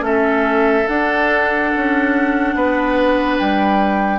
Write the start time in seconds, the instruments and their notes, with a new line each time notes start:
0.00 bassoon A3, clarinet C#4, oboe A4, flute E5
0.87 clarinet D4, bassoon D4, flute F#5
1.76 bassoon C#4
2.54 bassoon B3, oboe B4
3.37 bassoon G3, flute G5